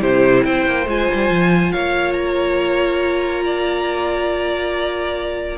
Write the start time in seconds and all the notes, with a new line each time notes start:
0.00 C3 E4 G4 C5
0.45 C4 C5 G5
0.66 A#3
0.86 G#3 F4 G#5
1.13 G3
1.29 F3
1.72 A#3 C#5 F5
2.13 A#5
3.44 D5